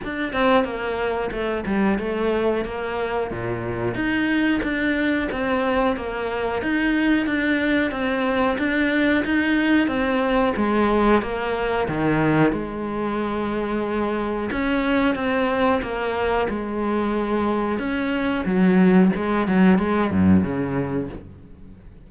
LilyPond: \new Staff \with { instrumentName = "cello" } { \time 4/4 \tempo 4 = 91 d'8 c'8 ais4 a8 g8 a4 | ais4 ais,4 dis'4 d'4 | c'4 ais4 dis'4 d'4 | c'4 d'4 dis'4 c'4 |
gis4 ais4 dis4 gis4~ | gis2 cis'4 c'4 | ais4 gis2 cis'4 | fis4 gis8 fis8 gis8 fis,8 cis4 | }